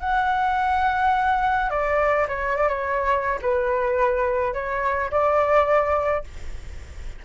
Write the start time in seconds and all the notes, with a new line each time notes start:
0.00 F#5
1.70 D5
2.28 C#5
2.56 D5
2.69 C#5
3.41 B4
4.54 C#5
5.11 D5